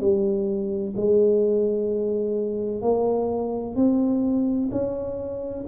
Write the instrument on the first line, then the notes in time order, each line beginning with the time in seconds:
tuba
0.00 G3
0.96 G#3
2.82 A#3
3.75 C4
4.71 C#4